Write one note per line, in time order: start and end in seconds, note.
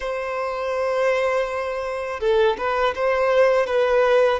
0.00 2.20 C5
2.20 2.56 A4
2.57 2.94 B4
2.95 3.66 C5
3.66 4.39 B4